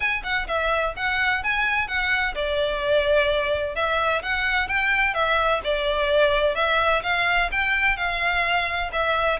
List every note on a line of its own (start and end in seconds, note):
0.00 0.22 G#5
0.23 0.47 F#5
0.47 0.94 E5
0.96 1.43 F#5
1.43 1.87 G#5
1.87 2.34 F#5
2.34 3.75 D5
3.75 4.22 E5
4.22 4.68 F#5
4.68 5.14 G5
5.14 5.61 E5
5.64 6.55 D5
6.55 7.02 E5
7.02 7.49 F5
7.51 7.97 G5
7.97 8.90 F5
8.92 9.39 E5